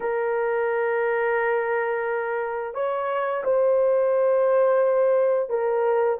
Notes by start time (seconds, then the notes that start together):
0.00 A#4
2.74 C#5
3.44 C5
5.49 A#4